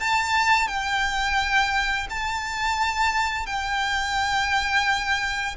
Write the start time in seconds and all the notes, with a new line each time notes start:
0.00 A5
0.68 G5
2.10 A5
3.47 G5